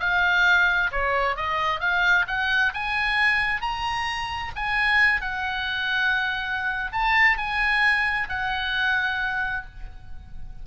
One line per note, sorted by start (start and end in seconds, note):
0.00 0.91 F5
0.91 1.36 C#5
1.36 1.80 D#5
1.80 2.26 F5
2.27 2.73 F#5
2.74 3.61 G#5
3.61 4.52 A#5
4.56 5.21 G#5
5.21 6.91 F#5
6.92 7.37 A5
7.37 8.28 G#5
8.29 9.65 F#5